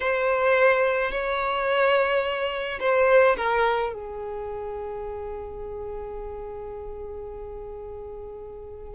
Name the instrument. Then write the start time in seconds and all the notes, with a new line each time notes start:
violin
0.00 C5
1.11 C#5
2.80 C5
3.36 A#4
3.93 G#4